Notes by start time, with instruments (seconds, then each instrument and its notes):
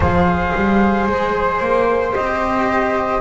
0.00 double bass F3, cello G#4, flute C5 F5
0.55 double bass G3
1.06 double bass G#3, flute C5
1.60 double bass A#3
2.12 double bass C4, cello G4, flute D#5